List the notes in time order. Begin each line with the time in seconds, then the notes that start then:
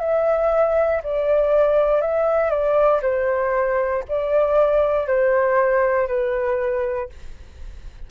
0.00 E5
1.03 D5
2.02 E5
2.51 D5
3.02 C5
4.09 D5
5.08 C5
6.08 B4